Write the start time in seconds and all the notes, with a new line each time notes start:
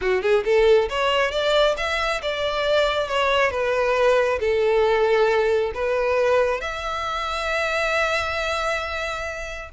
0.01 F#4
0.22 G#4
0.44 A4
0.89 C#5
1.31 D5
1.77 E5
2.22 D5
3.08 C#5
3.51 B4
4.40 A4
5.74 B4
6.60 E5